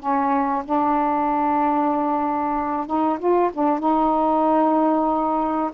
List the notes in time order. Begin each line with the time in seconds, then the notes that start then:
0.00 C#4
0.66 D4
2.87 D#4
3.19 F4
3.54 D4
3.80 D#4